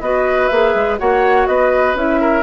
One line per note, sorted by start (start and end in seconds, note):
0.00 0.49 B3
0.00 0.51 F#4
0.00 0.99 B4
0.00 0.47 D#5
0.47 0.75 A#3
0.47 0.98 G#4
0.47 0.96 E5
0.75 0.99 G#3
0.98 1.47 A#3
0.98 1.96 F#4
0.98 1.48 C#5
0.98 1.47 F#5
1.47 1.94 B3
1.47 2.21 B4
1.47 1.95 D#5
1.94 2.42 C#4
1.94 2.42 E4
1.94 2.42 E5
2.21 2.42 A#4